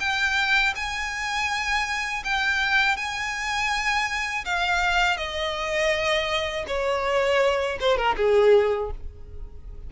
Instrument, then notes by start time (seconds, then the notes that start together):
violin
0.00 G5
0.75 G#5
2.25 G5
2.97 G#5
4.45 F5
5.17 D#5
6.67 C#5
7.80 C5
7.97 A#4
8.16 G#4